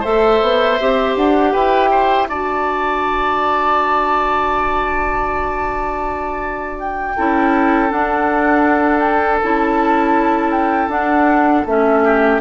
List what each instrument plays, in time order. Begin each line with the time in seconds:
0.00 bassoon A3, clarinet A4, oboe C5, flute E5
0.41 bassoon B3
0.80 bassoon C4, clarinet G4
1.15 bassoon D4, flute F#5
1.52 bassoon E4, oboe B4, flute G5
1.91 oboe C5
2.27 bassoon D4, clarinet F#4, oboe D5, flute A5
6.79 flute G5
7.16 bassoon C#4, clarinet E4, oboe A4
7.89 clarinet D4, bassoon D4, flute F#5
8.99 flute G5
9.43 bassoon C#4, clarinet E4, flute A5
10.51 flute G5
10.88 bassoon D4, clarinet D4, flute F#5
11.65 bassoon A3, clarinet C#4, flute E5
12.03 oboe G4